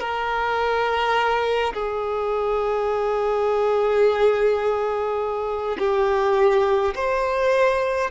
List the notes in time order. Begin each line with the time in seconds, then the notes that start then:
0.00 A#4
1.74 G#4
5.79 G4
6.95 C5